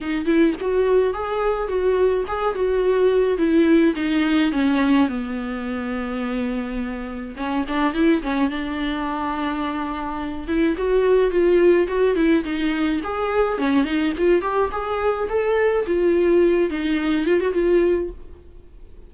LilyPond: \new Staff \with { instrumentName = "viola" } { \time 4/4 \tempo 4 = 106 dis'8 e'8 fis'4 gis'4 fis'4 | gis'8 fis'4. e'4 dis'4 | cis'4 b2.~ | b4 cis'8 d'8 e'8 cis'8 d'4~ |
d'2~ d'8 e'8 fis'4 | f'4 fis'8 e'8 dis'4 gis'4 | cis'8 dis'8 f'8 g'8 gis'4 a'4 | f'4. dis'4 f'16 fis'16 f'4 | }